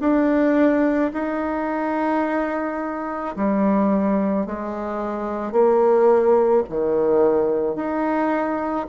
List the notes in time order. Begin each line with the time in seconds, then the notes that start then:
0.00 D4
1.13 D#4
3.36 G3
4.46 G#3
5.52 A#3
6.69 D#3
7.75 D#4